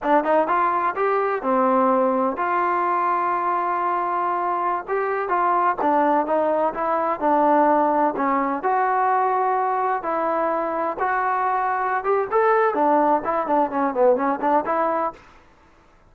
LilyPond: \new Staff \with { instrumentName = "trombone" } { \time 4/4 \tempo 4 = 127 d'8 dis'8 f'4 g'4 c'4~ | c'4 f'2.~ | f'2~ f'16 g'4 f'8.~ | f'16 d'4 dis'4 e'4 d'8.~ |
d'4~ d'16 cis'4 fis'4.~ fis'16~ | fis'4~ fis'16 e'2 fis'8.~ | fis'4. g'8 a'4 d'4 | e'8 d'8 cis'8 b8 cis'8 d'8 e'4 | }